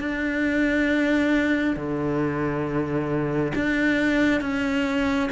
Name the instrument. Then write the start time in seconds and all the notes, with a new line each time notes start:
cello
0.00 D4
1.76 D3
3.55 D4
4.41 C#4